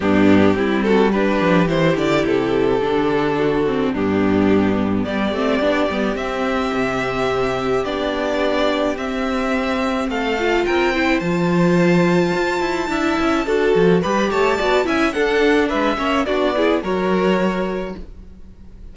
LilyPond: <<
  \new Staff \with { instrumentName = "violin" } { \time 4/4 \tempo 4 = 107 g'4. a'8 b'4 c''8 d''8 | a'2. g'4~ | g'4 d''2 e''4~ | e''2 d''2 |
e''2 f''4 g''4 | a''1~ | a''4 b''8 a''4 gis''8 fis''4 | e''4 d''4 cis''2 | }
  \new Staff \with { instrumentName = "violin" } { \time 4/4 d'4 e'8 fis'8 g'2~ | g'2 fis'4 d'4~ | d'4 g'2.~ | g'1~ |
g'2 a'4 ais'8 c''8~ | c''2. e''4 | a'4 b'8 cis''8 d''8 e''8 a'4 | b'8 cis''8 fis'8 gis'8 ais'2 | }
  \new Staff \with { instrumentName = "viola" } { \time 4/4 b4 c'4 d'4 e'4~ | e'4 d'4. c'8 b4~ | b4. c'8 d'8 b8 c'4~ | c'2 d'2 |
c'2~ c'8 f'4 e'8 | f'2. e'4 | fis'4 g'4 fis'8 e'8 d'4~ | d'8 cis'8 d'8 e'8 fis'2 | }
  \new Staff \with { instrumentName = "cello" } { \time 4/4 g,4 g4. f8 e8 d8 | c4 d2 g,4~ | g,4 g8 a8 b8 g8 c'4 | c2 b2 |
c'2 a4 c'4 | f2 f'8 e'8 d'8 cis'8 | d'8 f8 g8 a8 b8 cis'8 d'4 | gis8 ais8 b4 fis2 | }
>>